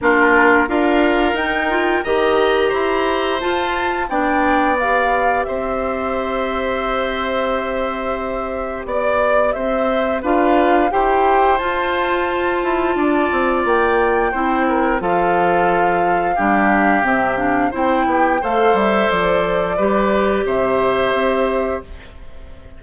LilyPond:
<<
  \new Staff \with { instrumentName = "flute" } { \time 4/4 \tempo 4 = 88 ais'4 f''4 g''4 ais''4~ | ais''4 a''4 g''4 f''4 | e''1~ | e''4 d''4 e''4 f''4 |
g''4 a''2. | g''2 f''2~ | f''4 e''8 f''8 g''4 f''8 e''8 | d''2 e''2 | }
  \new Staff \with { instrumentName = "oboe" } { \time 4/4 f'4 ais'2 dis''4 | c''2 d''2 | c''1~ | c''4 d''4 c''4 b'4 |
c''2. d''4~ | d''4 c''8 ais'8 a'2 | g'2 c''8 g'8 c''4~ | c''4 b'4 c''2 | }
  \new Staff \with { instrumentName = "clarinet" } { \time 4/4 d'4 f'4 dis'8 f'8 g'4~ | g'4 f'4 d'4 g'4~ | g'1~ | g'2. f'4 |
g'4 f'2.~ | f'4 e'4 f'2 | d'4 c'8 d'8 e'4 a'4~ | a'4 g'2. | }
  \new Staff \with { instrumentName = "bassoon" } { \time 4/4 ais4 d'4 dis'4 dis4 | e'4 f'4 b2 | c'1~ | c'4 b4 c'4 d'4 |
e'4 f'4. e'8 d'8 c'8 | ais4 c'4 f2 | g4 c4 c'8 b8 a8 g8 | f4 g4 c4 c'4 | }
>>